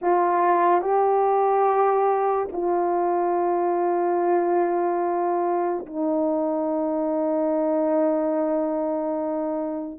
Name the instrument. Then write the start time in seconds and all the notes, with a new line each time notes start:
horn
0.01 F4
0.81 G4
2.52 F4
5.86 D#4